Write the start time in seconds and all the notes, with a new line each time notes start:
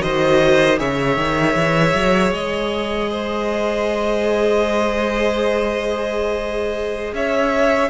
0.00 D#3 F#4 C5 D#5
0.78 C#3 G#4 C#5 E5
1.16 D#3
1.55 E3
1.94 F#3
2.32 G#3 D#5
3.10 C5
7.13 C#4 C#5 E5